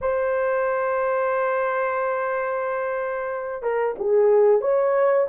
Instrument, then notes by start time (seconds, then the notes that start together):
horn
0.01 C5
3.62 A#4
3.98 G#4
4.61 C#5